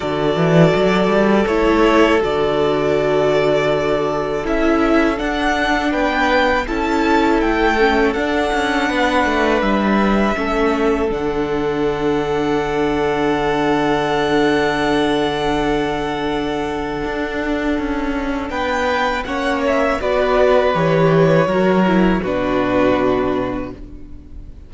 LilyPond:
<<
  \new Staff \with { instrumentName = "violin" } { \time 4/4 \tempo 4 = 81 d''2 cis''4 d''4~ | d''2 e''4 fis''4 | g''4 a''4 g''4 fis''4~ | fis''4 e''2 fis''4~ |
fis''1~ | fis''1~ | fis''4 g''4 fis''8 e''8 d''4 | cis''2 b'2 | }
  \new Staff \with { instrumentName = "violin" } { \time 4/4 a'1~ | a'1 | b'4 a'2. | b'2 a'2~ |
a'1~ | a'1~ | a'4 b'4 cis''4 b'4~ | b'4 ais'4 fis'2 | }
  \new Staff \with { instrumentName = "viola" } { \time 4/4 fis'2 e'4 fis'4~ | fis'2 e'4 d'4~ | d'4 e'4. cis'8 d'4~ | d'2 cis'4 d'4~ |
d'1~ | d'1~ | d'2 cis'4 fis'4 | g'4 fis'8 e'8 d'2 | }
  \new Staff \with { instrumentName = "cello" } { \time 4/4 d8 e8 fis8 g8 a4 d4~ | d2 cis'4 d'4 | b4 cis'4 a4 d'8 cis'8 | b8 a8 g4 a4 d4~ |
d1~ | d2. d'4 | cis'4 b4 ais4 b4 | e4 fis4 b,2 | }
>>